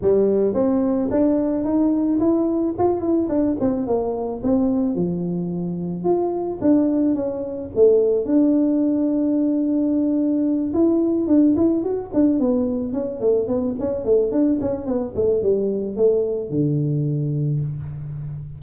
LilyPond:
\new Staff \with { instrumentName = "tuba" } { \time 4/4 \tempo 4 = 109 g4 c'4 d'4 dis'4 | e'4 f'8 e'8 d'8 c'8 ais4 | c'4 f2 f'4 | d'4 cis'4 a4 d'4~ |
d'2.~ d'8 e'8~ | e'8 d'8 e'8 fis'8 d'8 b4 cis'8 | a8 b8 cis'8 a8 d'8 cis'8 b8 a8 | g4 a4 d2 | }